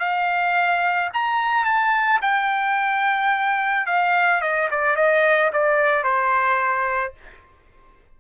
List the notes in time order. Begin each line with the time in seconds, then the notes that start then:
0.00 F5
1.14 A#5
1.65 A5
2.22 G5
3.87 F5
4.42 D#5
4.71 D5
4.96 D#5
5.53 D5
6.04 C5